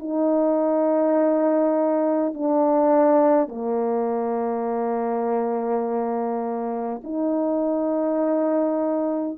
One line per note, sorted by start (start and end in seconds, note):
0.00 2.34 D#4
2.34 3.49 D4
3.49 7.02 A#3
7.04 9.39 D#4